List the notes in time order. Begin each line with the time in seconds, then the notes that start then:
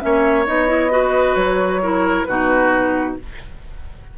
0.00 A#3 C#4 C#5 E5
0.46 B3 D#4 D#5
0.67 E4
0.90 F#4 B4
1.35 F#3 C#5
1.82 E4 A#4
2.24 B2 D#4 F#4 B4